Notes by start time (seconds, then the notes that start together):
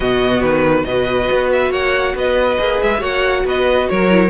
0.00 B2 B3 F#4 D#5
0.41 D#3 B4
0.84 B2 F#4 B4 D#5
1.31 B3
1.52 E5
1.70 A#3 C#5 F#5
2.14 B3 B4 D#5
2.58 A#3 G#4
2.82 G#3 E5
2.99 A#3 F#4 C#5 F#5
3.44 B3 B4 D#5
3.88 F#3 A#4 C#5
4.09 E4